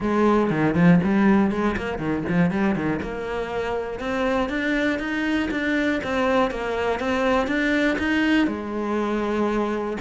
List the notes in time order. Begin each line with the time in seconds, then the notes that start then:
0.00 G#3
0.50 D#3
0.75 F3
1.03 G3
1.51 G#3
1.76 A#3
1.98 D#3
2.28 F3
2.50 G3
2.75 D#3
3.02 A#3
3.99 C4
4.49 D4
4.99 D#4
5.50 D4
6.03 C4
6.50 A#3
6.99 C4
7.47 D4
7.98 D#4
8.47 G#3